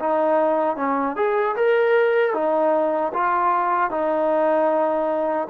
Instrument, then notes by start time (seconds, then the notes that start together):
trombone
0.00 D#4
0.77 C#4
1.16 G#4
1.56 A#4
2.34 D#4
3.14 F4
3.90 D#4